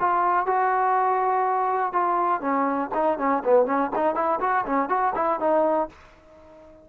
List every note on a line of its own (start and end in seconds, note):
0.00 0.46 F4
0.46 1.93 F#4
1.93 2.41 F4
2.41 2.90 C#4
2.94 3.19 D#4
3.19 3.43 C#4
3.44 3.66 B3
3.66 3.91 C#4
3.96 4.15 D#4
4.15 4.39 E4
4.40 4.65 F#4
4.66 4.89 C#4
4.89 5.13 F#4
5.15 5.40 E4
5.40 5.89 D#4